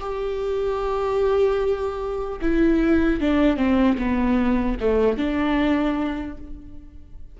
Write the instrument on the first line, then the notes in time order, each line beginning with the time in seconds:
viola
0.00 G4
2.42 E4
3.21 D4
3.57 C4
3.98 B3
4.80 A3
5.18 D4